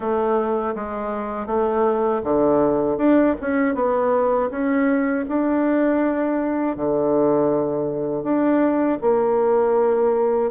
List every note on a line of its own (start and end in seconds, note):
0.00 0.75 A3
0.75 1.46 G#3
1.46 2.21 A3
2.23 2.97 D3
2.97 3.35 D4
3.40 3.75 C#4
3.75 4.50 B3
4.50 5.25 C#4
5.28 6.76 D4
6.76 8.23 D3
8.23 8.98 D4
9.01 10.51 A#3